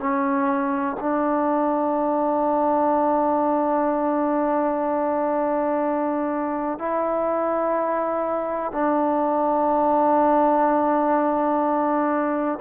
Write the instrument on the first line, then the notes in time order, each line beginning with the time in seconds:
trombone
0.00 C#4
1.00 D4
6.79 E4
8.72 D4